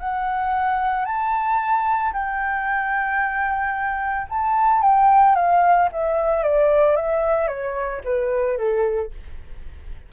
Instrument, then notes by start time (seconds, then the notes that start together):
flute
0.00 F#5
1.06 A5
2.13 G5
4.30 A5
4.82 G5
5.35 F5
5.92 E5
6.44 D5
6.96 E5
7.48 C#5
8.05 B4
8.58 A4